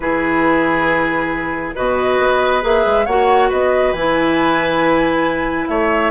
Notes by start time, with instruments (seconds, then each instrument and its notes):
0.00 bassoon E3, clarinet E4, oboe G#4, flute B4
1.75 bassoon B2, clarinet F#4, oboe B4, flute D#5
2.19 bassoon B3
2.61 bassoon A#3, clarinet G#4, flute E5
2.86 bassoon G#3
3.05 bassoon A#3, clarinet F#4, oboe C#5, flute F#5
3.49 bassoon B3, oboe B4, flute D#5
3.93 bassoon E3, clarinet E4, flute G#5
5.67 bassoon A3, oboe C#5, flute E5